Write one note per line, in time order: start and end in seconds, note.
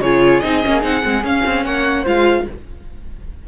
0.00 0.41 C#3
0.00 0.43 F4
0.00 1.64 G#4
0.00 0.40 C#5
0.40 0.64 C4
0.40 0.63 D#4
0.40 0.80 D#5
0.63 0.83 A#3
0.63 0.81 C#4
0.81 1.03 C4
0.81 1.01 D#4
0.81 1.24 F#5
1.03 1.23 G#3
1.03 1.23 C4
1.23 1.43 C#4
1.23 2.05 C#4
1.23 1.64 F5
1.45 1.64 C4
1.64 2.05 A#3
1.64 2.02 C#5
1.64 2.05 F#5
2.02 2.47 G#3
2.02 2.46 F4
2.02 2.43 C5
2.02 2.47 F5